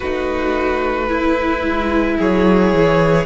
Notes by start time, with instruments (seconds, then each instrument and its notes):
0.00 cello A3, viola D#4, violin F#4 B4
1.08 viola E4, violin E4
1.62 cello G#3
2.17 cello F#3, violin G#4 C#5
2.73 cello E3